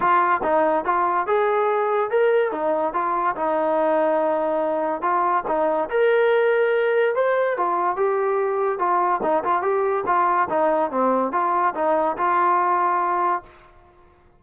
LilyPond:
\new Staff \with { instrumentName = "trombone" } { \time 4/4 \tempo 4 = 143 f'4 dis'4 f'4 gis'4~ | gis'4 ais'4 dis'4 f'4 | dis'1 | f'4 dis'4 ais'2~ |
ais'4 c''4 f'4 g'4~ | g'4 f'4 dis'8 f'8 g'4 | f'4 dis'4 c'4 f'4 | dis'4 f'2. | }